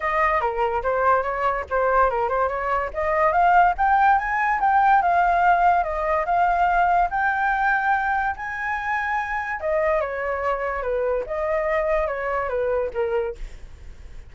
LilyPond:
\new Staff \with { instrumentName = "flute" } { \time 4/4 \tempo 4 = 144 dis''4 ais'4 c''4 cis''4 | c''4 ais'8 c''8 cis''4 dis''4 | f''4 g''4 gis''4 g''4 | f''2 dis''4 f''4~ |
f''4 g''2. | gis''2. dis''4 | cis''2 b'4 dis''4~ | dis''4 cis''4 b'4 ais'4 | }